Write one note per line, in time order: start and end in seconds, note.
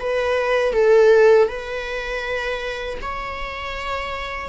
0.00 0.73 B4
0.73 1.48 A4
1.48 2.98 B4
3.02 4.49 C#5